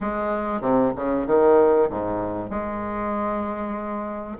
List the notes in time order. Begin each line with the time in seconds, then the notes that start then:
0.00 G#3
0.61 C3
0.96 C#3
1.26 D#3
1.89 G#2
2.50 G#3